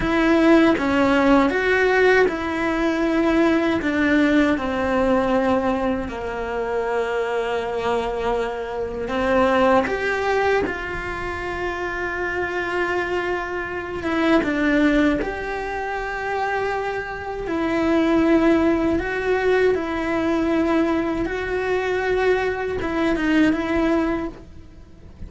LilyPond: \new Staff \with { instrumentName = "cello" } { \time 4/4 \tempo 4 = 79 e'4 cis'4 fis'4 e'4~ | e'4 d'4 c'2 | ais1 | c'4 g'4 f'2~ |
f'2~ f'8 e'8 d'4 | g'2. e'4~ | e'4 fis'4 e'2 | fis'2 e'8 dis'8 e'4 | }